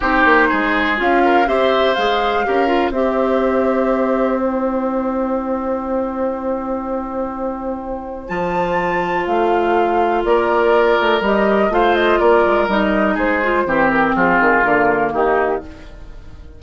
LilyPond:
<<
  \new Staff \with { instrumentName = "flute" } { \time 4/4 \tempo 4 = 123 c''2 f''4 e''4 | f''2 e''2~ | e''4 g''2.~ | g''1~ |
g''4 a''2 f''4~ | f''4 d''2 dis''4 | f''8 dis''8 d''4 dis''4 c''4~ | c''8 ais'8 gis'4 ais'4 g'4 | }
  \new Staff \with { instrumentName = "oboe" } { \time 4/4 g'4 gis'4. ais'8 c''4~ | c''4 ais'4 c''2~ | c''1~ | c''1~ |
c''1~ | c''4 ais'2. | c''4 ais'2 gis'4 | g'4 f'2 dis'4 | }
  \new Staff \with { instrumentName = "clarinet" } { \time 4/4 dis'2 f'4 g'4 | gis'4 g'8 f'8 g'2~ | g'4 e'2.~ | e'1~ |
e'4 f'2.~ | f'2. g'4 | f'2 dis'4. f'8 | c'2 ais2 | }
  \new Staff \with { instrumentName = "bassoon" } { \time 4/4 c'8 ais8 gis4 cis'4 c'4 | gis4 cis'4 c'2~ | c'1~ | c'1~ |
c'4 f2 a4~ | a4 ais4. a8 g4 | a4 ais8 gis8 g4 gis4 | e4 f8 dis8 d4 dis4 | }
>>